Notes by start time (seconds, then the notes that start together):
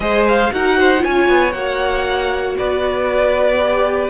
0.00 G#3 G#4 C5 D#5
0.27 F5
0.51 D#4 F#4 A#4 F#5
0.78 C5
0.98 F4 C#5 G#5
1.05 C#4
1.28 B3
1.52 A#3 F#4 F#5
2.58 B3 B4 D5
3.58 G4